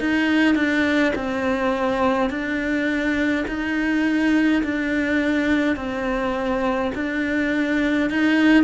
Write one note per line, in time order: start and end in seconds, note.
0.00 0.55 D#4
0.55 1.13 D4
1.15 2.30 C4
2.30 3.46 D4
3.48 4.63 D#4
4.64 5.76 D4
5.76 6.92 C4
6.95 8.10 D4
8.10 8.64 D#4